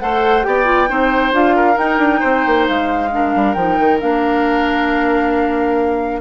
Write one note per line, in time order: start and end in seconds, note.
0.00 0.46 A3
0.00 0.43 A4
0.00 0.47 C5
0.00 0.44 F#5
0.43 0.90 B3
0.43 0.65 G4
0.43 0.89 D5
0.43 1.33 G5
0.65 0.87 F4
0.88 1.32 C4
0.88 1.32 D#4
0.88 1.56 C5
1.32 1.77 D4
1.32 1.75 F4
1.32 1.78 F5
1.56 2.20 A#4
1.75 3.08 D#4
1.75 1.98 D#4
1.75 2.67 G5
1.98 2.21 D4
2.20 2.46 C4
2.20 3.09 C5
2.47 2.69 A#3
2.68 3.35 G#3
2.68 3.54 F5
3.12 3.56 D4
3.12 6.21 A#4
3.35 3.56 G3
3.54 3.78 F3
3.54 4.00 D#4
3.54 3.99 G5
3.79 4.02 D#3
4.00 6.21 A#3
4.00 6.21 D4
4.00 6.21 F5